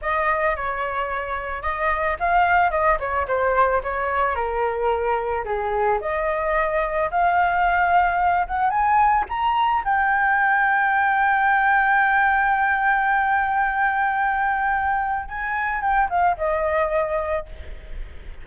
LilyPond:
\new Staff \with { instrumentName = "flute" } { \time 4/4 \tempo 4 = 110 dis''4 cis''2 dis''4 | f''4 dis''8 cis''8 c''4 cis''4 | ais'2 gis'4 dis''4~ | dis''4 f''2~ f''8 fis''8 |
gis''4 ais''4 g''2~ | g''1~ | g''1 | gis''4 g''8 f''8 dis''2 | }